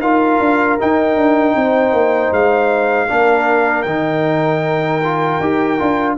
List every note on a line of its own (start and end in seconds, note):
0.00 0.38 D#4
0.00 0.79 F4
0.00 1.55 A#4
0.00 0.78 F5
0.40 0.78 D4
0.79 3.08 D#4
0.79 1.16 D#4
0.79 2.33 G5
1.16 1.55 D4
1.56 1.93 C4
1.56 3.09 C5
1.93 2.31 A#3
2.32 3.09 G#3
2.32 3.83 F5
3.08 3.86 A#3
3.08 3.85 D4
3.08 6.17 A#4
3.83 5.40 D#3
3.83 5.01 D#4
3.83 6.13 G5
5.04 5.42 F4
5.40 5.79 D#4
5.40 5.79 G4
5.79 6.18 D4
5.79 6.17 F4